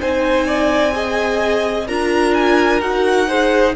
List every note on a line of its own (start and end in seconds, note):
0.00 1.89 C4
0.00 0.92 D#4
0.00 0.47 C5
0.00 1.88 G#5
0.47 0.94 D5
0.92 1.85 G#4
0.92 1.87 D#5
1.87 2.81 D4
1.87 2.81 F4
1.87 3.28 A#4
1.87 2.34 A#5
2.34 2.81 G#5
2.81 3.75 D#4
2.81 3.28 F#4
2.81 3.75 F#5
3.28 3.75 G#4
3.28 3.75 C5